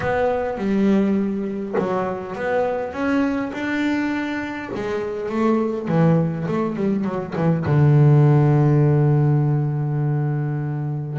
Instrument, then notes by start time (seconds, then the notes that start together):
double bass
0.00 B3
0.57 G3
1.78 F#3
2.35 B3
2.92 C#4
3.52 D4
4.75 G#3
5.29 A3
5.88 E3
6.47 A3
6.76 G3
7.04 F#3
7.35 E3
7.65 D3